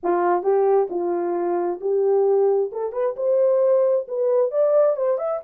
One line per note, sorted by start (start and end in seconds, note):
0.03 0.42 F4
0.42 0.88 G4
0.90 1.80 F4
1.80 2.71 G4
2.71 2.92 A4
2.92 3.15 B4
3.16 4.06 C5
4.08 4.51 B4
4.51 4.96 D5
4.96 5.18 C5
5.18 5.40 E5